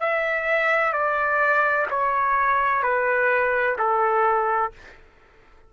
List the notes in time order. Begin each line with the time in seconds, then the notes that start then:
0.00 E5
0.93 D5
1.90 C#5
2.83 B4
3.78 A4